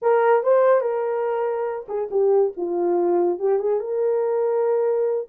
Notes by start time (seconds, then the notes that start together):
0.02 A#4
0.43 C5
0.80 A#4
1.88 G#4
2.10 G4
2.56 F4
3.39 G4
3.59 G#4
3.80 A#4